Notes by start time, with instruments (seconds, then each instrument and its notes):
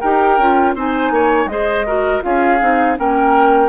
0.00 bassoon D#4, clarinet G4, oboe A#4, flute G5
0.38 bassoon C#4, clarinet F4
0.75 bassoon C4, clarinet D#4, oboe C5, flute G#5
1.11 bassoon A#3, oboe C#5
1.46 bassoon G#3, clarinet G#4, oboe C5, flute D#5
1.86 clarinet F#4, oboe A#4
2.21 bassoon C#4, clarinet F4, oboe G#4, flute F5
2.61 bassoon C4, clarinet D#4
2.96 bassoon A#3, clarinet C#4, oboe A#4, flute G5